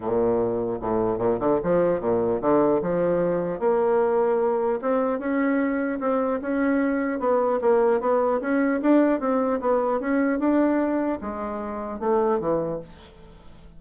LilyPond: \new Staff \with { instrumentName = "bassoon" } { \time 4/4 \tempo 4 = 150 ais,2 a,4 ais,8 d8 | f4 ais,4 d4 f4~ | f4 ais2. | c'4 cis'2 c'4 |
cis'2 b4 ais4 | b4 cis'4 d'4 c'4 | b4 cis'4 d'2 | gis2 a4 e4 | }